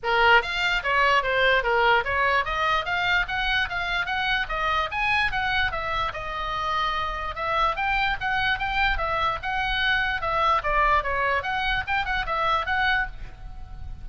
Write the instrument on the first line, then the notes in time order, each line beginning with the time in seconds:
oboe
0.03 A#4
0.42 F5
0.83 C#5
1.22 C5
1.63 A#4
2.04 C#5
2.44 D#5
2.85 F5
3.28 F#5
3.69 F5
4.06 F#5
4.48 D#5
4.91 G#5
5.31 F#5
5.71 E5
6.13 D#5
7.35 E5
7.76 G5
8.20 F#5
8.58 G5
8.97 E5
9.42 F#5
10.21 E5
10.63 D5
11.03 C#5
11.42 F#5
11.87 G5
12.05 F#5
12.26 E5
12.65 F#5